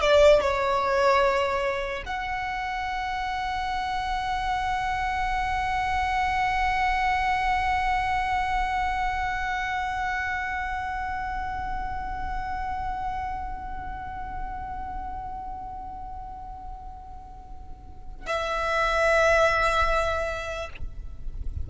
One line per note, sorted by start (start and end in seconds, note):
0.00 0.41 D5
0.41 2.03 C#5
2.05 18.26 F#5
18.26 20.69 E5